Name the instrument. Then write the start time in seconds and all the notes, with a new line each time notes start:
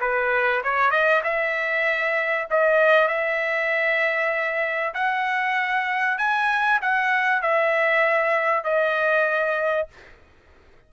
trumpet
0.00 B4
0.64 C#5
0.91 D#5
1.23 E5
2.51 D#5
3.08 E5
4.94 F#5
6.18 G#5
6.82 F#5
7.42 E5
8.64 D#5